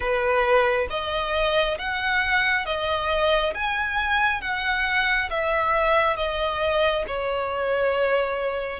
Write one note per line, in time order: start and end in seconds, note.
0.00 0.87 B4
0.89 1.78 D#5
1.78 2.65 F#5
2.65 3.53 D#5
3.54 4.41 G#5
4.41 5.29 F#5
5.29 6.16 E5
6.16 7.04 D#5
7.07 8.79 C#5